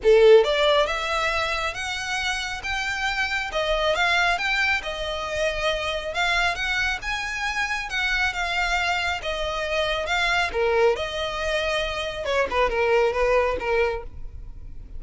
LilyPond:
\new Staff \with { instrumentName = "violin" } { \time 4/4 \tempo 4 = 137 a'4 d''4 e''2 | fis''2 g''2 | dis''4 f''4 g''4 dis''4~ | dis''2 f''4 fis''4 |
gis''2 fis''4 f''4~ | f''4 dis''2 f''4 | ais'4 dis''2. | cis''8 b'8 ais'4 b'4 ais'4 | }